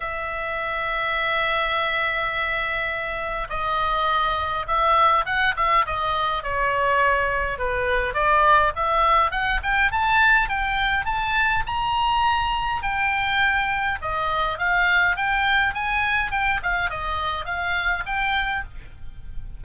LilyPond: \new Staff \with { instrumentName = "oboe" } { \time 4/4 \tempo 4 = 103 e''1~ | e''2 dis''2 | e''4 fis''8 e''8 dis''4 cis''4~ | cis''4 b'4 d''4 e''4 |
fis''8 g''8 a''4 g''4 a''4 | ais''2 g''2 | dis''4 f''4 g''4 gis''4 | g''8 f''8 dis''4 f''4 g''4 | }